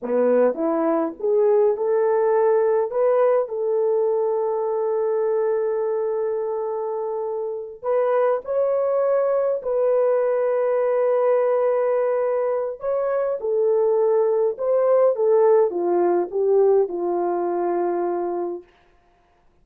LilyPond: \new Staff \with { instrumentName = "horn" } { \time 4/4 \tempo 4 = 103 b4 e'4 gis'4 a'4~ | a'4 b'4 a'2~ | a'1~ | a'4. b'4 cis''4.~ |
cis''8 b'2.~ b'8~ | b'2 cis''4 a'4~ | a'4 c''4 a'4 f'4 | g'4 f'2. | }